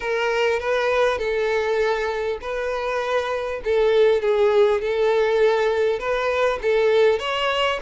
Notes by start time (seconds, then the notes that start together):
0.00 A#4
0.59 B4
1.18 A4
2.41 B4
3.64 A4
4.21 G#4
4.81 A4
5.99 B4
6.62 A4
7.19 C#5